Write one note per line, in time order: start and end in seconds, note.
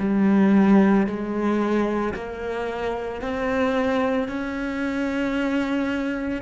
0.00 1.07 G3
1.07 2.14 G#3
2.15 3.21 A#3
3.21 4.29 C4
4.29 6.42 C#4